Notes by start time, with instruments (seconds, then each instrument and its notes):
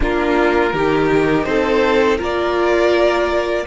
0.00 cello A#3, viola D4, violin F4 A#4
0.73 cello D#3, viola D#4, violin G4
1.43 cello C4, violin A4 C5
2.18 cello A#3, viola F4, violin A#4 D5